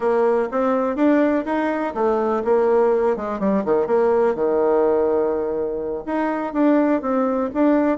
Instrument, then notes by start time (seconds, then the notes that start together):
bassoon
0.00 A#3
0.51 C4
0.96 D4
1.45 D#4
1.94 A3
2.44 A#3
3.16 G#3
3.39 G3
3.64 D#3
3.87 A#3
4.34 D#3
6.05 D#4
6.53 D4
7.01 C4
7.54 D4